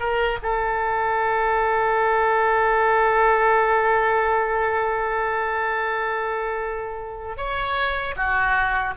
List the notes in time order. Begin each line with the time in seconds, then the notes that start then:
0.00 A#4
0.43 A4
7.37 C#5
8.17 F#4